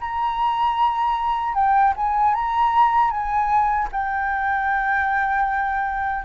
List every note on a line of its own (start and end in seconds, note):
0.00 1.54 A#5
1.54 1.93 G5
1.96 2.34 G#5
2.34 3.10 A#5
3.10 3.88 G#5
3.91 6.24 G5